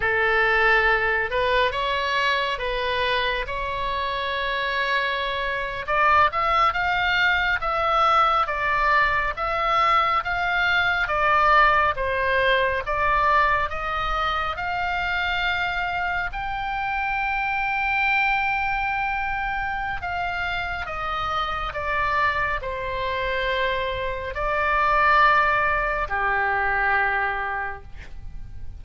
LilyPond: \new Staff \with { instrumentName = "oboe" } { \time 4/4 \tempo 4 = 69 a'4. b'8 cis''4 b'4 | cis''2~ cis''8. d''8 e''8 f''16~ | f''8. e''4 d''4 e''4 f''16~ | f''8. d''4 c''4 d''4 dis''16~ |
dis''8. f''2 g''4~ g''16~ | g''2. f''4 | dis''4 d''4 c''2 | d''2 g'2 | }